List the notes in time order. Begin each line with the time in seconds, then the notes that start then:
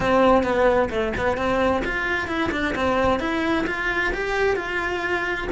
0.00 C4
0.43 B3
0.90 A3
1.17 B3
1.37 C4
1.84 F4
2.27 E4
2.51 D4
2.75 C4
3.19 E4
3.66 F4
4.13 G4
4.56 F4